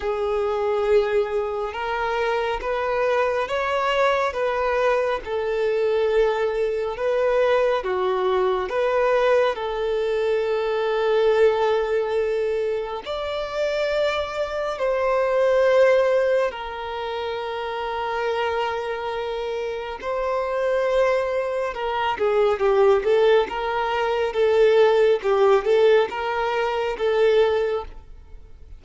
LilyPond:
\new Staff \with { instrumentName = "violin" } { \time 4/4 \tempo 4 = 69 gis'2 ais'4 b'4 | cis''4 b'4 a'2 | b'4 fis'4 b'4 a'4~ | a'2. d''4~ |
d''4 c''2 ais'4~ | ais'2. c''4~ | c''4 ais'8 gis'8 g'8 a'8 ais'4 | a'4 g'8 a'8 ais'4 a'4 | }